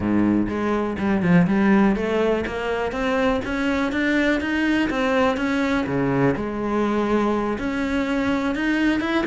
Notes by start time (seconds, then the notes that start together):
0.00 G#2
0.48 G#3
0.98 G3
1.22 F3
1.47 G3
1.95 A3
2.46 A#3
2.92 C4
3.44 C#4
3.92 D4
4.40 D#4
4.89 C4
5.37 C#4
5.86 C#3
6.35 G#3
7.58 C#4
8.55 D#4
9.00 E4